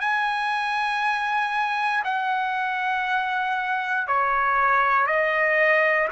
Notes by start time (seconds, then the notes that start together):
0.00 G#5
2.04 F#5
4.08 C#5
5.07 D#5